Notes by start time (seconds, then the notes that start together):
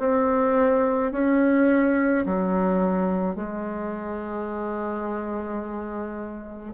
0.00 C4
1.12 C#4
2.26 F#3
3.36 G#3